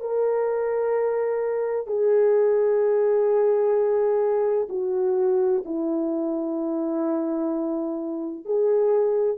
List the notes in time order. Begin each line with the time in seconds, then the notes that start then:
0.00 A#4
1.86 G#4
4.69 F#4
5.65 E4
8.45 G#4